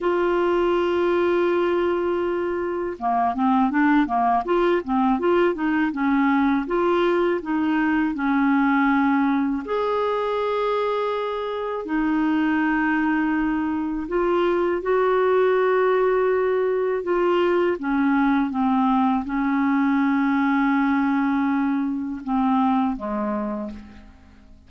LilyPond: \new Staff \with { instrumentName = "clarinet" } { \time 4/4 \tempo 4 = 81 f'1 | ais8 c'8 d'8 ais8 f'8 c'8 f'8 dis'8 | cis'4 f'4 dis'4 cis'4~ | cis'4 gis'2. |
dis'2. f'4 | fis'2. f'4 | cis'4 c'4 cis'2~ | cis'2 c'4 gis4 | }